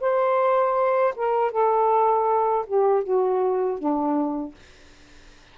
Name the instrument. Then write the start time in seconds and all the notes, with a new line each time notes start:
saxophone
0.00 C5
1.16 A#4
1.51 A4
2.66 G4
3.03 F#4
3.78 D4